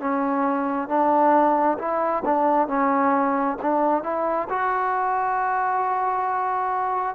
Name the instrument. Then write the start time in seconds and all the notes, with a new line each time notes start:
trombone
0.00 C#4
0.88 D4
1.78 E4
2.25 D4
2.67 C#4
3.62 D4
4.03 E4
4.49 F#4